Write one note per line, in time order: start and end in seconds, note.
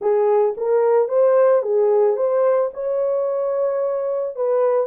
0.01 0.55 G#4
0.57 1.08 A#4
1.08 1.62 C5
1.62 2.16 G#4
2.16 2.70 C5
2.73 4.35 C#5
4.35 4.86 B4